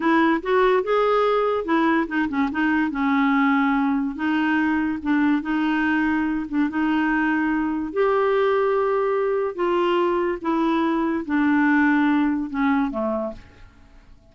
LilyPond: \new Staff \with { instrumentName = "clarinet" } { \time 4/4 \tempo 4 = 144 e'4 fis'4 gis'2 | e'4 dis'8 cis'8 dis'4 cis'4~ | cis'2 dis'2 | d'4 dis'2~ dis'8 d'8 |
dis'2. g'4~ | g'2. f'4~ | f'4 e'2 d'4~ | d'2 cis'4 a4 | }